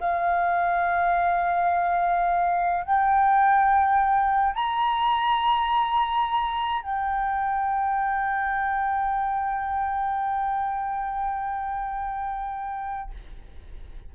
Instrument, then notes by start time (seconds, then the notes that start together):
flute
0.00 F5
2.85 G5
4.55 A#5
6.82 G5